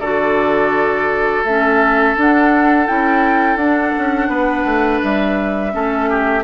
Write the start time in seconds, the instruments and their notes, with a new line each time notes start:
0.00 bassoon D3, clarinet F#4, oboe A4, flute D5
1.44 bassoon A3, clarinet C#4, flute E5
2.17 clarinet D4, bassoon D4, flute F#5
2.87 bassoon C#4, clarinet E4, flute G5
3.56 bassoon D4, clarinet D4, flute F#5
3.98 bassoon C#4
4.29 bassoon B3, oboe B4
4.65 bassoon A3
5.03 bassoon G3, flute E5
5.72 bassoon A3, clarinet C#4, oboe A4
6.10 oboe G4